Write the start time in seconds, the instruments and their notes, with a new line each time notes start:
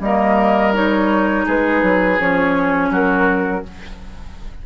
0.00 bassoon G3, clarinet A#3, oboe A#4, flute D#5
0.73 clarinet D#4, flute C#5
1.45 bassoon G#3, oboe G#4, flute B4
1.83 bassoon F#3
2.18 bassoon F3, clarinet C#4, flute C#5
2.91 bassoon F#3, oboe F#4, flute A#4